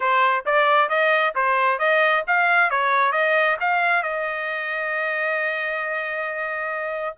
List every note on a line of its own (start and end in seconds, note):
0.00 0.44 C5
0.45 0.89 D5
0.89 1.33 D#5
1.35 1.78 C5
1.78 2.23 D#5
2.27 2.70 F5
2.70 3.12 C#5
3.12 3.56 D#5
3.60 4.02 F5
4.02 7.16 D#5